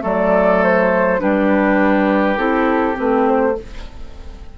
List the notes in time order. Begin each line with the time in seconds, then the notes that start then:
0.00 F#3 A3 A4 D5
0.63 C5
1.19 G3 D4 G4 B4
2.37 C4 E4 A4
2.94 A3 C4 B4
3.28 C5